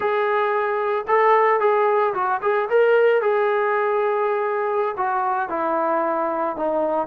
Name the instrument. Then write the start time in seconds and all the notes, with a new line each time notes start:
trombone
0.00 G#4
1.07 A4
1.59 G#4
2.14 F#4
2.42 G#4
2.69 A#4
3.21 G#4
4.97 F#4
5.49 E4
6.56 D#4